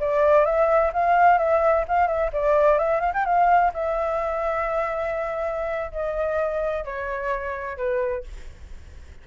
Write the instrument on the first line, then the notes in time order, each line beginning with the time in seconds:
flute
0.00 D5
0.45 E5
0.93 F5
1.38 E5
1.88 F5
2.07 E5
2.33 D5
2.78 E5
3.00 F5
3.13 G5
3.25 F5
3.73 E5
5.91 D#5
6.84 C#5
7.77 B4